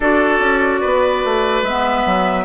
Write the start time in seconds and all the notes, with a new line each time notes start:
0.00 D4 F#4 A4 D5
0.39 C#4
0.80 B3 B4
1.24 A3
1.62 G#3 B3 E5
2.05 F#3